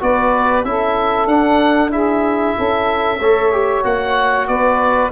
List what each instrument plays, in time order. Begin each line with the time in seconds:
0.00 tuba B3, trombone F#4, saxophone B4, oboe D5
0.64 tuba C#4, trombone E4, saxophone A4, oboe E5
1.27 tuba D4, trombone D4, oboe F#5
1.91 trombone E4, saxophone G#4, oboe E5
2.56 tuba C#4, saxophone A4
3.19 tuba A3, trombone A4, saxophone C#5
3.52 trombone G4
3.84 tuba A#3, trombone F#4, oboe F#5
4.47 tuba B3, saxophone B4, oboe D5